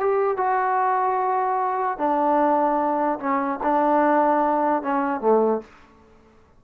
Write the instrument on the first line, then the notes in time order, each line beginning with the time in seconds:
trombone
0.00 G4
0.37 F#4
1.98 D4
3.19 C#4
3.63 D4
4.83 C#4
5.21 A3